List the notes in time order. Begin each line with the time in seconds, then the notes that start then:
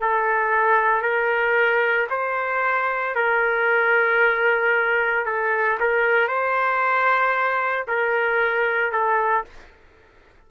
0.00 A4
1.01 A#4
2.10 C5
3.15 A#4
5.25 A4
5.80 A#4
6.28 C5
7.87 A#4
8.91 A4